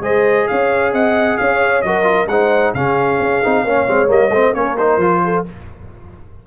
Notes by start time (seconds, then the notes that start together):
0.00 G#3 G#4 C5 D#5
0.47 C#4 C#5 F5
0.92 C4 D#5 F#5
1.37 C#4 C#5 F5
1.81 F#3 F#4 A#4 D#5
2.03 F4
2.27 G#3 D#4 C5 F#5
2.74 C#3 C#4 G#4 F5
3.20 C#4
3.43 C4 D#4
3.64 A#3 C#4 C#5
3.87 G#3 C4
4.06 G3 A#3 D#5
4.30 A3 C4 C5
4.53 A#3 C#4 A#4 C#5
4.77 D#4 C5
4.97 F3 F4
5.24 A4